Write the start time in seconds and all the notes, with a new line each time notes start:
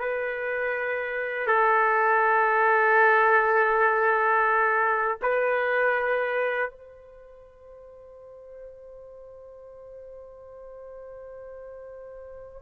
0.00 B4
1.47 A4
5.22 B4
6.70 C5